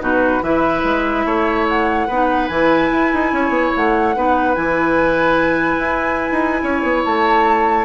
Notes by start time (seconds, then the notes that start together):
0.00 B2 D#4 F#4 B4
0.43 E3 E4 B4 E5
0.84 G#3
1.26 A3 C#5
1.69 F#5
2.08 B3 D#4 B4
2.48 E3 E4 G#5
2.92 E4
3.13 D#4
3.33 C#4 C#5
3.49 B3
3.76 A3 F#5
4.15 B3 D#4 B4
4.55 E3 E4 G#5
5.79 E4
6.32 D#4
6.63 C#4 C#5
6.83 B3
7.05 A3 A5